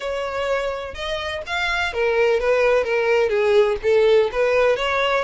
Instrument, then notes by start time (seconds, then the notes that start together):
violin
0.00 C#5
0.94 D#5
1.46 F5
1.93 A#4
2.39 B4
2.83 A#4
3.29 G#4
3.82 A4
4.32 B4
4.76 C#5